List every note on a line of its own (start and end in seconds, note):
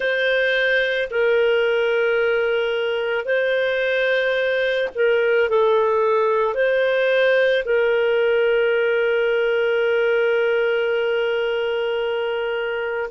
0.00 1.09 C5
1.10 3.25 A#4
3.25 4.88 C5
4.94 5.48 A#4
5.48 6.54 A4
6.54 7.63 C5
7.64 13.10 A#4